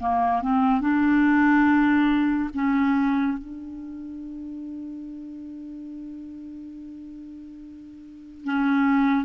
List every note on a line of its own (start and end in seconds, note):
0.00 0.42 A#3
0.42 0.81 C4
0.81 2.50 D4
2.54 3.38 C#4
3.38 8.45 D4
8.45 9.25 C#4